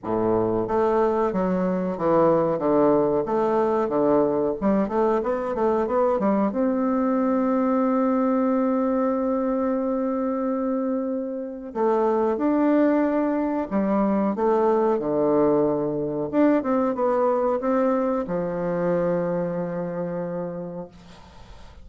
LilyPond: \new Staff \with { instrumentName = "bassoon" } { \time 4/4 \tempo 4 = 92 a,4 a4 fis4 e4 | d4 a4 d4 g8 a8 | b8 a8 b8 g8 c'2~ | c'1~ |
c'2 a4 d'4~ | d'4 g4 a4 d4~ | d4 d'8 c'8 b4 c'4 | f1 | }